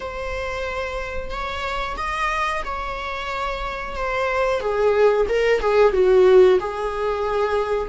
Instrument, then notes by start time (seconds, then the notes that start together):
viola
0.00 C5
1.30 C#5
1.96 D#5
2.65 C#5
3.95 C5
4.60 G#4
5.28 A#4
5.60 G#4
5.93 F#4
6.59 G#4